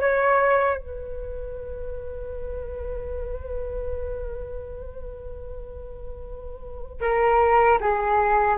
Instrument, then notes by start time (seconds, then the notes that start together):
flute
0.00 C#5
0.77 B4
7.01 A#4
7.80 G#4